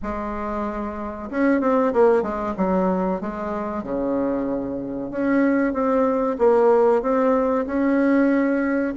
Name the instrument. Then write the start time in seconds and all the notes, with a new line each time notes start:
bassoon
0.02 G#3
1.30 C#4
1.60 C4
1.93 A#3
2.22 G#3
2.57 F#3
3.21 G#3
3.83 C#3
5.10 C#4
5.73 C4
6.38 A#3
7.02 C4
7.66 C#4